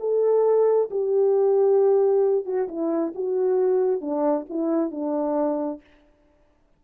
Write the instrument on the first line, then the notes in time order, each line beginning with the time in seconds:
horn
0.00 A4
0.91 G4
2.45 F#4
2.68 E4
3.15 F#4
4.01 D4
4.50 E4
4.91 D4